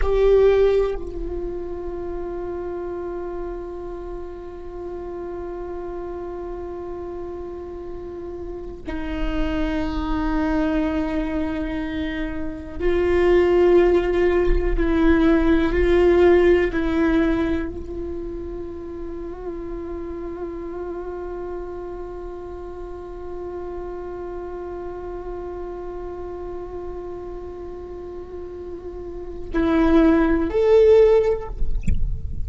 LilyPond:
\new Staff \with { instrumentName = "viola" } { \time 4/4 \tempo 4 = 61 g'4 f'2.~ | f'1~ | f'4 dis'2.~ | dis'4 f'2 e'4 |
f'4 e'4 f'2~ | f'1~ | f'1~ | f'2 e'4 a'4 | }